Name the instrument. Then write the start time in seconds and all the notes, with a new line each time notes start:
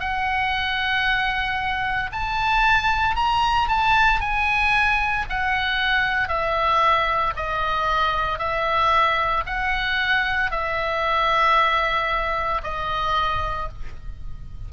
oboe
0.00 F#5
2.12 A5
3.16 A#5
3.68 A5
4.21 G#5
5.29 F#5
6.28 E5
7.36 D#5
8.39 E5
9.46 F#5
10.51 E5
12.64 D#5